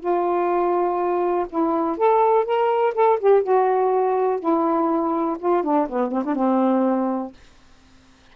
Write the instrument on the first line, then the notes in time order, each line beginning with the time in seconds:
saxophone
0.00 F4
1.50 E4
1.98 A4
2.45 A#4
2.95 A4
3.20 G4
3.43 F#4
4.40 E4
5.39 F4
5.64 D4
5.89 B3
6.12 C4
6.25 D4
6.35 C4